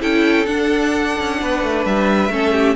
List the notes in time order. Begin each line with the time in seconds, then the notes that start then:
0.00 C#4 E4 A4 G5
0.46 D4 F#5
1.20 C#4
1.42 B3 B4
1.62 A3
1.85 G3 E5
2.29 A3 C#4 A4
2.52 G4